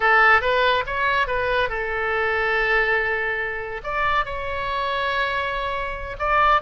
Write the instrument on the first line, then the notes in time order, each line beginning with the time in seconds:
oboe
0.00 A4
0.41 B4
0.86 C#5
1.27 B4
1.69 A4
3.83 D5
4.25 C#5
6.19 D5